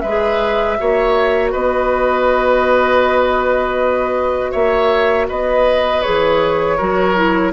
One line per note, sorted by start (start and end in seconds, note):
0.00 0.79 G#3
0.00 0.78 B4
0.00 1.50 E5
0.08 0.77 G#4
0.77 1.54 A#3
0.77 6.02 F#4
0.77 1.52 C#5
1.52 4.54 B3
1.52 4.52 B4
1.52 4.52 D#5
4.52 5.30 A#3
4.52 5.27 C#5
4.52 5.27 E5
5.29 6.05 B3
5.29 6.77 B4
5.29 6.02 D#5
6.02 6.81 E3
6.02 6.79 G#4
6.02 7.52 C#5
6.77 7.53 F#3
6.77 7.16 F#4
6.77 7.52 A#4
7.16 7.53 E4